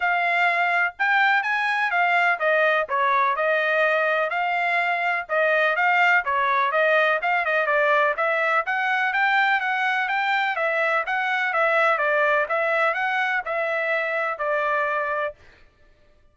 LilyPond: \new Staff \with { instrumentName = "trumpet" } { \time 4/4 \tempo 4 = 125 f''2 g''4 gis''4 | f''4 dis''4 cis''4 dis''4~ | dis''4 f''2 dis''4 | f''4 cis''4 dis''4 f''8 dis''8 |
d''4 e''4 fis''4 g''4 | fis''4 g''4 e''4 fis''4 | e''4 d''4 e''4 fis''4 | e''2 d''2 | }